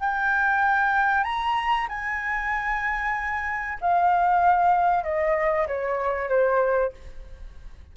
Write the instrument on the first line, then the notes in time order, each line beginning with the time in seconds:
flute
0.00 G5
1.23 A#5
1.88 G#5
3.81 F5
5.04 D#5
5.67 C#5
6.29 C5